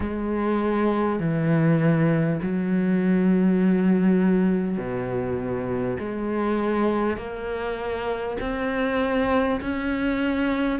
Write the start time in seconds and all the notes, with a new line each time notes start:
0.00 G#3
1.19 E3
2.42 F#3
4.77 B2
5.99 G#3
7.17 A#3
8.40 C4
9.60 C#4